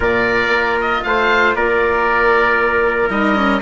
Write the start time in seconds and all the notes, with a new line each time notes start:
0.00 A#2 F4 A#4 D5
0.48 A#3
0.80 D#5
1.03 A3 C5 F5
1.54 A#3 A#4 D5
3.09 G3 D#4 D#5
3.35 C#4